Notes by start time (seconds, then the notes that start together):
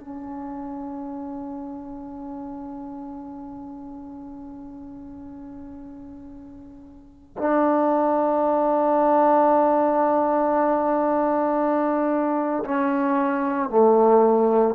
0.00 C#4
7.38 D4
12.65 C#4
13.70 A3